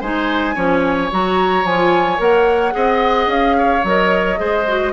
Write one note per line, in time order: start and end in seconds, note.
0.00 0.55 G#3
0.00 0.55 D#4
0.00 0.55 C5
0.00 1.11 G#5
0.55 1.11 F3
0.55 1.10 C#4
0.55 2.73 C#5
1.10 1.64 F#3
1.10 1.65 F#4
1.10 1.66 A#5
1.64 2.19 F3
1.64 2.17 F4
1.64 2.20 G#5
2.17 2.73 A#3
2.17 2.71 A#4
2.17 3.30 F#5
2.71 3.26 C4
2.71 3.80 G#4
2.71 3.57 D#5
3.26 3.81 C#4
3.26 3.85 F5
3.57 4.39 C#5
3.83 4.38 F#3
3.83 4.37 A#4
3.83 4.92 D#5
4.37 4.92 G#3
4.37 4.64 G#4
4.37 4.92 C5
4.67 4.92 F#4